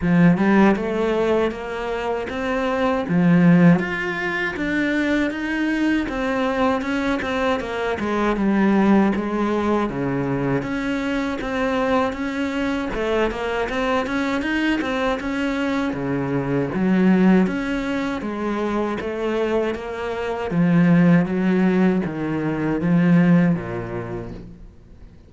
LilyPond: \new Staff \with { instrumentName = "cello" } { \time 4/4 \tempo 4 = 79 f8 g8 a4 ais4 c'4 | f4 f'4 d'4 dis'4 | c'4 cis'8 c'8 ais8 gis8 g4 | gis4 cis4 cis'4 c'4 |
cis'4 a8 ais8 c'8 cis'8 dis'8 c'8 | cis'4 cis4 fis4 cis'4 | gis4 a4 ais4 f4 | fis4 dis4 f4 ais,4 | }